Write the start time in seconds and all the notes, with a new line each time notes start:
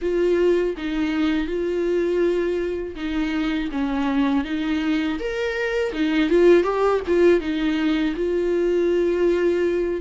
0.01 F4
0.77 D#4
1.47 F4
2.95 D#4
3.71 C#4
4.44 D#4
5.19 A#4
5.93 D#4
6.29 F4
6.63 G4
7.07 F4
7.40 D#4
8.15 F4